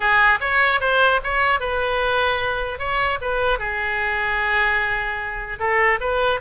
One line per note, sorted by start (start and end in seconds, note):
0.00 0.39 G#4
0.40 0.80 C#5
0.80 1.20 C5
1.23 1.59 C#5
1.59 2.78 B4
2.78 3.18 C#5
3.21 3.59 B4
3.59 5.59 G#4
5.59 5.99 A4
6.00 6.40 B4